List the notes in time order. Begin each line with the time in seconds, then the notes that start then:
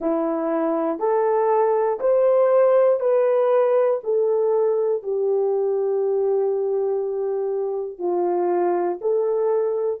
0.00 E4
0.99 A4
2.00 C5
3.00 B4
4.03 A4
5.02 G4
7.98 F4
9.00 A4